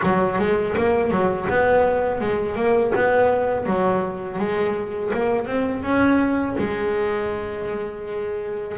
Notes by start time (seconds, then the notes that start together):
0.02 F#3
0.39 G#3
0.76 A#3
1.10 F#3
1.49 B3
2.20 G#3
2.55 A#3
2.95 B3
3.66 F#3
4.39 G#3
5.13 A#3
5.46 C4
5.82 C#4
6.58 G#3